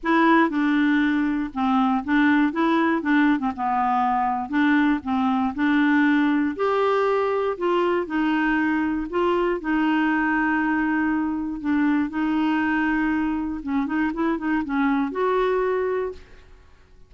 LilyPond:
\new Staff \with { instrumentName = "clarinet" } { \time 4/4 \tempo 4 = 119 e'4 d'2 c'4 | d'4 e'4 d'8. c'16 b4~ | b4 d'4 c'4 d'4~ | d'4 g'2 f'4 |
dis'2 f'4 dis'4~ | dis'2. d'4 | dis'2. cis'8 dis'8 | e'8 dis'8 cis'4 fis'2 | }